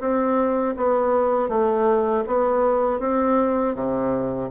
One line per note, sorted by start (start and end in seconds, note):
0.00 0.75 C4
0.77 1.49 B3
1.49 2.24 A3
2.27 3.00 B3
3.00 3.75 C4
3.75 4.50 C3